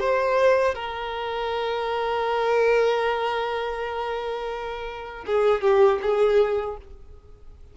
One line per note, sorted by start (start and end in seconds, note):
0.00 0.75 C5
0.75 5.25 A#4
5.26 5.61 G#4
5.61 5.99 G4
6.02 6.77 G#4